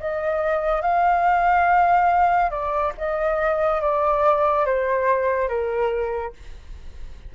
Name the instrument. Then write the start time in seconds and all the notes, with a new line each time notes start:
flute
0.00 D#5
0.82 F5
2.51 D5
2.98 D#5
3.82 D5
4.66 C5
5.49 A#4